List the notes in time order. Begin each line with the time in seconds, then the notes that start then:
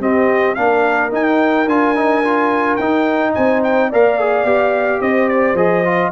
0.00 C4 G4 D#5
0.55 A#3 D4 A#4 F5
1.10 D#4 G5
1.66 D4 F4 G#5
1.95 D#4
2.24 F4
2.76 D#4 G5
3.34 C4 C5 G#5
3.63 G5
3.89 A#3 A#4 D5 F5
4.19 G#4
4.44 B3 G4
5.01 C4 C5 D#5
5.28 D5
5.54 F3 G#4 D#5
5.85 F4